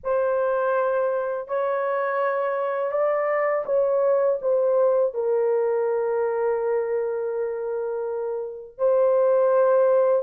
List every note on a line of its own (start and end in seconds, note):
0.03 1.48 C5
1.48 2.91 C#5
2.91 3.64 D5
3.66 4.39 C#5
4.41 5.14 C5
5.14 8.78 A#4
8.78 10.23 C5